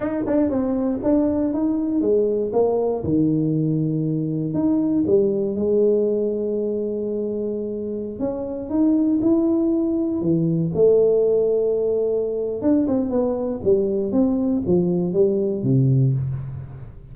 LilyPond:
\new Staff \with { instrumentName = "tuba" } { \time 4/4 \tempo 4 = 119 dis'8 d'8 c'4 d'4 dis'4 | gis4 ais4 dis2~ | dis4 dis'4 g4 gis4~ | gis1~ |
gis16 cis'4 dis'4 e'4.~ e'16~ | e'16 e4 a2~ a8.~ | a4 d'8 c'8 b4 g4 | c'4 f4 g4 c4 | }